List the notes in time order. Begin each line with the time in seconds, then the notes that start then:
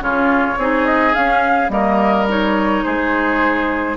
0.00 C#3 C#4 F4 C#5
0.58 C4 D#4 G#4
0.86 D#5
1.14 C#4 F5
1.70 G3 A#3 A#4 D#5
2.29 D#4 C#5
2.84 G#3 G#4 C5